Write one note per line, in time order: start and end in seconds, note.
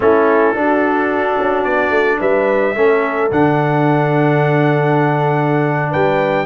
0.00 0.54 A3
0.00 0.55 C#4
0.00 0.57 E4
0.00 1.63 A4
0.54 1.37 D4
0.54 2.75 D4
0.54 2.19 F#4
1.39 1.65 C#4
1.63 1.89 B3
1.63 2.18 D5
1.89 2.17 A3
2.19 2.75 G3
2.19 2.74 B4
2.19 3.31 E5
2.75 3.31 A3
2.75 3.31 C#4
2.75 5.90 A4
3.31 5.92 D3
3.31 6.45 D4
3.31 5.92 F#5
5.90 6.45 G3
5.90 6.45 B4
5.90 6.45 G5